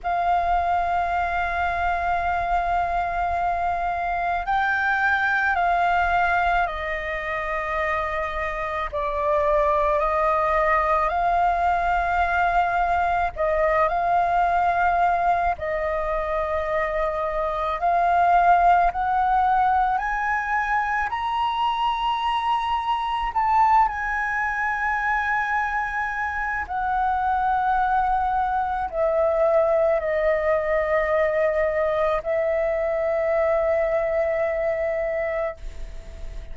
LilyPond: \new Staff \with { instrumentName = "flute" } { \time 4/4 \tempo 4 = 54 f''1 | g''4 f''4 dis''2 | d''4 dis''4 f''2 | dis''8 f''4. dis''2 |
f''4 fis''4 gis''4 ais''4~ | ais''4 a''8 gis''2~ gis''8 | fis''2 e''4 dis''4~ | dis''4 e''2. | }